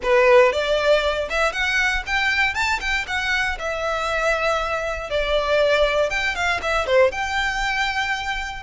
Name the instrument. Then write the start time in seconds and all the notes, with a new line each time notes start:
violin
0.03 B4
0.52 D5
1.29 E5
1.52 F#5
2.06 G5
2.54 A5
2.80 G5
3.07 F#5
3.58 E5
5.10 D5
6.09 G5
6.35 F5
6.61 E5
6.86 C5
7.11 G5